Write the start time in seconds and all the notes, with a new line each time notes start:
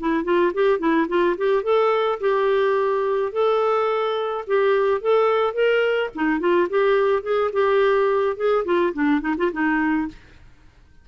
0.00 E4
0.25 F4
0.55 G4
0.80 E4
1.09 F4
1.38 G4
1.64 A4
2.20 G4
3.33 A4
4.47 G4
5.02 A4
5.54 A#4
6.16 D#4
6.40 F4
6.70 G4
7.23 G#4
7.53 G4
8.37 G#4
8.65 F4
8.94 D4
9.21 D#4
9.38 F4
9.53 D#4